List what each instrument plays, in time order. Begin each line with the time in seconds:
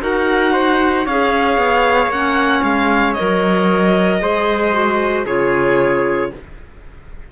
0.00 cello D#4, clarinet F#4, trumpet A#4, violin F#5
0.53 trumpet C5
1.06 cello C#4, clarinet G#4, trumpet C#5, violin F5
1.57 cello B3
2.07 cello A#3, clarinet C#4, violin F#5
2.63 cello G#3, violin F5
3.14 clarinet A#4, violin D#5
3.21 cello F#3
4.21 cello G#3, clarinet G#4, trumpet C5
4.72 clarinet F#4
5.26 cello C#3, clarinet F4, trumpet G#4, violin C#5